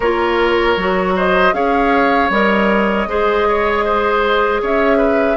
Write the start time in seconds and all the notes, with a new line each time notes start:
0.00 A#3 F4 A#4 C#5
0.76 F#3 F#4
1.16 C5 D#5
1.52 C#4 G#4 C#5 F5
2.30 G3 A#4 D#5
3.07 G#3 G#4 C5
3.47 C#5
3.84 C5
4.61 C#4 C#5 E5
4.97 B4